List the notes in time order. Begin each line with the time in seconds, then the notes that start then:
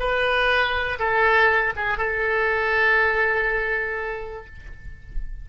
0.00 B4
0.99 A4
1.76 G#4
1.98 A4